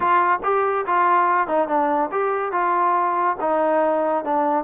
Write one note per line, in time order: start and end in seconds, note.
0.00 0.39 F4
0.43 0.85 G4
0.86 1.47 F4
1.47 1.67 D#4
1.67 2.10 D4
2.11 2.51 G4
2.51 3.36 F4
3.40 4.24 D#4
4.24 4.64 D4